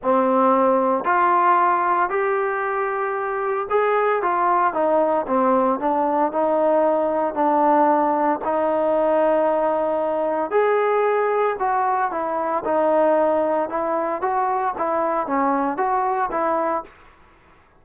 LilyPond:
\new Staff \with { instrumentName = "trombone" } { \time 4/4 \tempo 4 = 114 c'2 f'2 | g'2. gis'4 | f'4 dis'4 c'4 d'4 | dis'2 d'2 |
dis'1 | gis'2 fis'4 e'4 | dis'2 e'4 fis'4 | e'4 cis'4 fis'4 e'4 | }